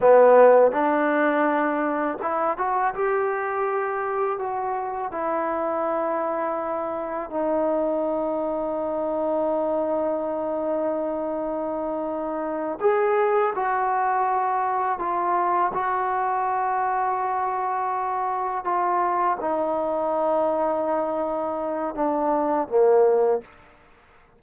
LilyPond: \new Staff \with { instrumentName = "trombone" } { \time 4/4 \tempo 4 = 82 b4 d'2 e'8 fis'8 | g'2 fis'4 e'4~ | e'2 dis'2~ | dis'1~ |
dis'4. gis'4 fis'4.~ | fis'8 f'4 fis'2~ fis'8~ | fis'4. f'4 dis'4.~ | dis'2 d'4 ais4 | }